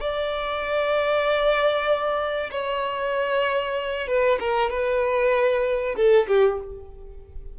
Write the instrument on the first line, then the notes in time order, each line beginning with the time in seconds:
violin
0.00 D5
2.51 C#5
4.07 B4
4.39 A#4
4.70 B4
5.95 A4
6.27 G4